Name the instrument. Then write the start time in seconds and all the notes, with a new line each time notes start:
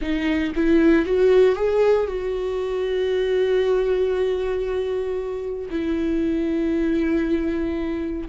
viola
0.01 D#4
0.55 E4
1.05 F#4
1.55 G#4
2.07 F#4
5.70 E4